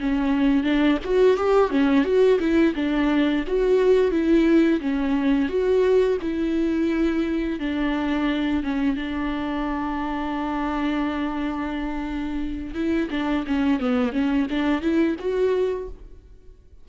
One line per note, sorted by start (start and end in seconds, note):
0.00 0.64 C#4
0.64 0.98 D4
1.04 1.37 F#4
1.37 1.70 G4
1.70 2.04 C#4
2.04 2.39 F#4
2.39 2.74 E4
2.75 3.44 D4
3.47 4.11 F#4
4.11 4.80 E4
4.81 5.49 C#4
5.49 6.18 F#4
6.21 7.60 E4
7.60 8.63 D4
8.63 8.96 C#4
8.96 12.74 D4
12.74 13.09 E4
13.11 13.45 D4
13.47 13.80 C#4
13.80 14.13 B3
14.13 14.47 C#4
14.50 14.82 D4
14.82 15.16 E4
15.19 15.88 F#4